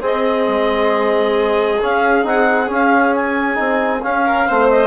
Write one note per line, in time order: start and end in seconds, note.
0.00 1.78 C4
0.00 0.45 C4
0.00 4.24 G#4
0.00 1.82 D#5
0.47 1.81 G#3
1.82 2.22 C#4
1.82 2.25 C#4
1.82 2.26 F5
2.22 2.69 C4
2.22 2.66 D#4
2.22 2.70 F#5
2.66 3.54 C#4
2.66 3.58 C#4
2.66 3.15 F5
3.15 4.03 G#5
3.54 4.03 C4
3.54 3.99 D#4
4.02 4.46 C#4
4.02 4.48 C#4
4.02 4.69 F5
4.25 4.48 A#4
4.46 4.87 A3
4.46 4.87 C4
4.46 4.87 C5
4.69 4.87 D#5